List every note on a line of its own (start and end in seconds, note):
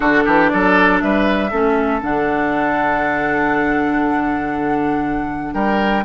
0.00 0.23 D3
0.00 1.49 D4
0.00 0.23 F#4
0.00 0.48 A4
0.25 0.51 E3
0.25 0.50 G4
0.48 1.02 F#3
0.48 1.03 A4
0.48 0.99 D5
1.00 1.52 G3
1.00 1.50 B4
1.00 2.01 E5
1.50 2.02 A3
1.50 2.01 C#4
1.50 5.53 A4
2.01 5.54 D3
2.01 6.04 D4
2.01 5.54 F#5
5.53 6.04 G3
5.53 6.04 A#4
5.53 6.04 G5